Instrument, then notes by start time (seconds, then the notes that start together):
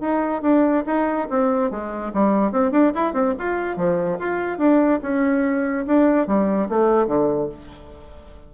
bassoon
0.00 D#4
0.42 D4
0.86 D#4
1.29 C4
1.70 G#3
2.13 G3
2.52 C4
2.71 D4
2.94 E4
3.13 C4
3.38 F4
3.76 F3
4.19 F4
4.58 D4
5.02 C#4
5.86 D4
6.27 G3
6.69 A3
7.07 D3